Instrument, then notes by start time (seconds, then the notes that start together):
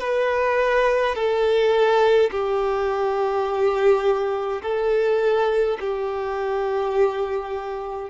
violin
0.00 B4
1.15 A4
2.31 G4
4.63 A4
5.80 G4